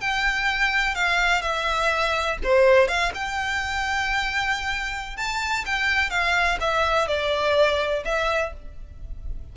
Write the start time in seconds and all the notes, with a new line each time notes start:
0.00 G5
0.95 F5
1.41 E5
2.43 C5
2.88 F5
3.14 G5
5.17 A5
5.66 G5
6.10 F5
6.60 E5
7.08 D5
8.05 E5